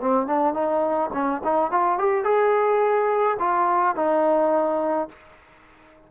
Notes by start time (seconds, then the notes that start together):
0.00 C4
0.27 D4
0.54 D#4
1.13 C#4
1.44 D#4
1.71 F4
1.98 G4
2.24 G#4
3.39 F4
3.95 D#4